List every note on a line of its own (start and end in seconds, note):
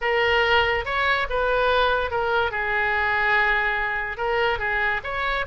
0.01 0.85 A#4
0.85 1.27 C#5
1.29 2.10 B4
2.10 2.51 A#4
2.51 4.17 G#4
4.17 4.58 A#4
4.58 5.00 G#4
5.03 5.45 C#5